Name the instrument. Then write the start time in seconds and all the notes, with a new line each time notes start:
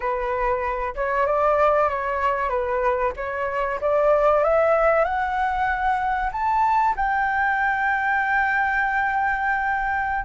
flute
0.00 B4
0.95 C#5
1.26 D5
1.89 C#5
2.49 B4
3.16 C#5
3.80 D5
4.43 E5
5.04 F#5
6.32 A5
6.96 G5